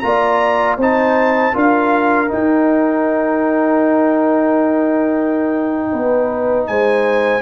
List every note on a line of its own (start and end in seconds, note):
0.00 0.77 A#3
0.00 0.79 F4
0.00 0.78 D5
0.00 0.76 A#5
0.77 1.53 C4
0.77 1.54 D#4
0.77 1.54 C5
0.77 1.58 A5
1.54 2.31 D4
1.54 2.28 F4
1.54 5.91 A#4
1.54 2.32 F5
2.28 7.41 D#4
2.28 5.94 D#4
2.28 6.67 G5
5.92 6.69 B3
5.92 6.68 B4
6.67 7.42 G#3
6.67 7.42 C5
6.67 7.42 G#5